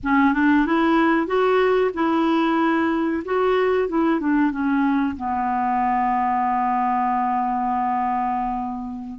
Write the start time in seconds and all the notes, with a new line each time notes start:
0.03 C#4
0.33 D4
0.66 E4
1.26 F#4
1.94 E4
3.24 F#4
3.88 E4
4.20 D4
4.51 C#4
5.16 B3